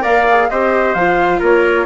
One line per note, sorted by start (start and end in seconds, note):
0.00 0.50 A#3
0.00 0.23 A#4
0.00 0.47 D5
0.00 0.49 F5
0.29 0.51 G#4
0.49 0.94 C4
0.49 0.96 G4
0.49 1.39 C5
0.49 0.94 D#5
0.94 1.40 F3
0.94 1.86 F4
0.94 1.40 F5
1.39 1.86 A#3
1.39 1.85 A#4
1.39 1.86 C#5